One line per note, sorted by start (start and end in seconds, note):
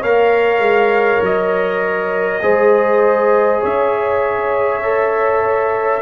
0.00 0.58 A#3
0.00 2.42 A#4
0.00 2.40 C#5
0.00 1.23 F5
0.58 1.18 G#3
1.22 2.42 F#3
1.22 3.64 D#5
2.42 3.62 G#3
2.42 4.82 G#4
2.42 3.61 C5
3.61 6.02 C#4
3.61 6.01 C#5
3.61 6.02 E5
4.83 6.02 A4